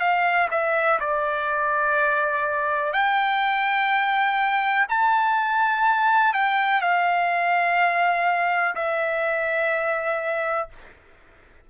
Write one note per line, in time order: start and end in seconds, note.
0.00 0.48 F5
0.51 0.99 E5
1.00 2.93 D5
2.93 4.87 G5
4.89 6.33 A5
6.33 6.81 G5
6.81 8.75 F5
8.75 10.69 E5